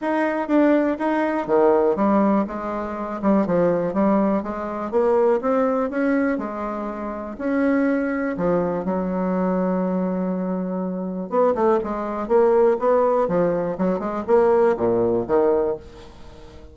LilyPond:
\new Staff \with { instrumentName = "bassoon" } { \time 4/4 \tempo 4 = 122 dis'4 d'4 dis'4 dis4 | g4 gis4. g8 f4 | g4 gis4 ais4 c'4 | cis'4 gis2 cis'4~ |
cis'4 f4 fis2~ | fis2. b8 a8 | gis4 ais4 b4 f4 | fis8 gis8 ais4 ais,4 dis4 | }